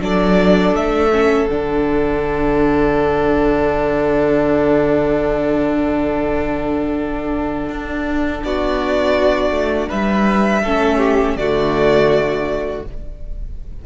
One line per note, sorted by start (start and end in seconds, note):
0.00 0.72 F#3
0.00 1.10 D4
0.00 8.44 A4
0.00 0.75 D5
0.72 1.46 A3
0.72 1.48 E5
1.12 1.48 C#4
1.48 7.69 D3
1.48 10.64 D4
1.48 8.43 F#5
7.69 8.42 D4
8.43 9.50 B3
8.43 9.88 F#4
8.43 9.89 D5
9.50 9.87 A3
9.88 10.63 G3
9.88 10.61 B4
9.88 11.36 E5
10.62 11.36 A3
10.62 11.38 C#4
10.62 10.98 A4
10.98 11.34 G4
11.36 12.82 D3
11.36 12.84 A3
11.36 12.86 F#4
11.36 12.83 D5